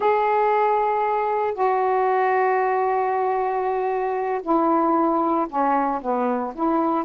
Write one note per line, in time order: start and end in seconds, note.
0.00 1.54 G#4
1.54 4.41 F#4
4.42 5.47 E4
5.49 6.01 C#4
6.01 6.53 B3
6.55 7.04 E4